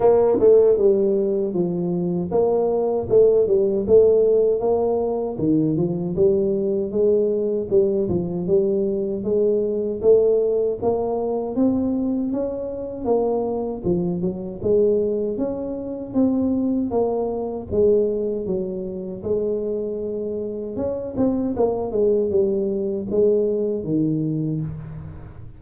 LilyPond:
\new Staff \with { instrumentName = "tuba" } { \time 4/4 \tempo 4 = 78 ais8 a8 g4 f4 ais4 | a8 g8 a4 ais4 dis8 f8 | g4 gis4 g8 f8 g4 | gis4 a4 ais4 c'4 |
cis'4 ais4 f8 fis8 gis4 | cis'4 c'4 ais4 gis4 | fis4 gis2 cis'8 c'8 | ais8 gis8 g4 gis4 dis4 | }